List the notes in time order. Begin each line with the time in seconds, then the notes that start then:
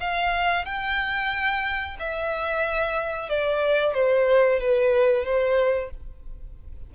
0.00 F5
0.65 G5
1.99 E5
3.29 D5
3.94 C5
4.60 B4
5.24 C5